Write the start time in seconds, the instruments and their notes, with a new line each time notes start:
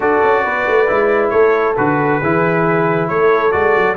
0.00 tuba D4, trombone F#4, horn A4, trumpet D5
0.23 tuba C#4
0.44 tuba B3, horn B4
0.68 tuba A3
0.87 tuba G#3, trombone E4
1.29 tuba A3, horn A4, trumpet C#5
1.76 tuba D3, trombone F#4, trumpet B4
2.20 tuba E3, trombone E4, horn G#4
3.08 tuba A3, horn A4, trumpet C#5
3.51 tuba G#3, trombone F#4, trumpet D5
3.76 tuba F#3